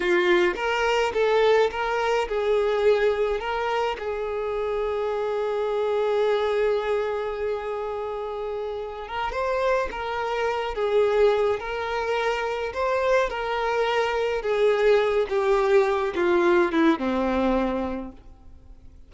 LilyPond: \new Staff \with { instrumentName = "violin" } { \time 4/4 \tempo 4 = 106 f'4 ais'4 a'4 ais'4 | gis'2 ais'4 gis'4~ | gis'1~ | gis'1 |
ais'8 c''4 ais'4. gis'4~ | gis'8 ais'2 c''4 ais'8~ | ais'4. gis'4. g'4~ | g'8 f'4 e'8 c'2 | }